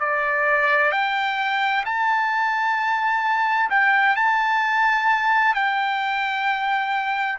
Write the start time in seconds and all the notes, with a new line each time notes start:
0.00 D5
0.92 G5
1.85 A5
3.70 G5
4.16 A5
5.55 G5